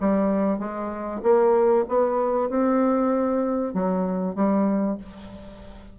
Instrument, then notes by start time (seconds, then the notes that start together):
bassoon
0.00 G3
0.59 G#3
1.23 A#3
1.88 B3
2.49 C4
3.73 F#3
4.35 G3